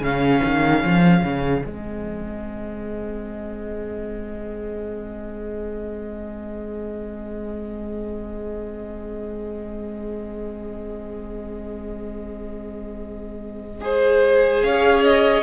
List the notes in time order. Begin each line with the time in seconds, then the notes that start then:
0.00 C#3 C#4 G#4 F5
0.44 D#3
0.84 F3
1.24 C#3
1.65 G#3 C4 D#5
13.81 G#4 C5
14.63 C#4 C#5 F5
15.04 D#5